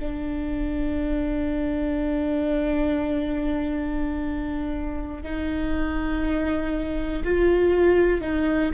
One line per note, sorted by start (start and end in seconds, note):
0.00 5.23 D4
5.23 7.23 D#4
7.25 8.21 F4
8.21 8.71 D#4